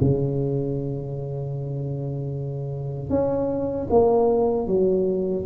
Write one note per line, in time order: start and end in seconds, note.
0.00 3.10 C#3
3.10 3.87 C#4
3.90 4.67 A#3
4.67 5.45 F#3